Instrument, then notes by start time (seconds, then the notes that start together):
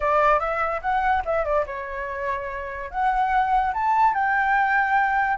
flute
0.00 D5
0.39 E5
0.81 F#5
1.25 E5
1.44 D5
1.66 C#5
2.90 F#5
3.73 A5
4.14 G5